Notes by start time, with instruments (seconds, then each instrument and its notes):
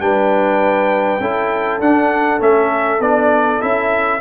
0.00 tuba G3, trombone D4, horn B4, trumpet G5
1.20 tuba C#4, trombone E4, horn A4
1.80 tuba D4, trombone D4, trumpet F#5
2.40 tuba A3, trombone C#4, trumpet E5
3.00 tuba B3, trombone D4, trumpet D5
3.61 tuba C#4, trombone E4, trumpet E5